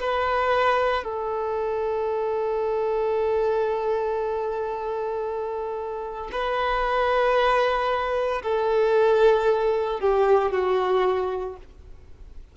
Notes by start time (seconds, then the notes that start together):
0.00 B4
1.04 A4
6.32 B4
8.43 A4
10.00 G4
10.51 F#4